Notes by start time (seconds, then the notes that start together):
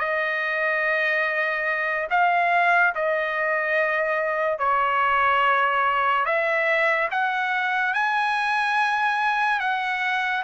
0.00 D#5
2.11 F5
2.95 D#5
4.59 C#5
6.26 E5
7.11 F#5
7.94 G#5
9.60 F#5